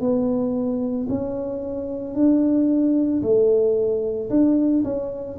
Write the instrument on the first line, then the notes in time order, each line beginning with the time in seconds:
tuba
0.00 B3
1.09 C#4
2.14 D4
3.22 A3
4.30 D4
4.84 C#4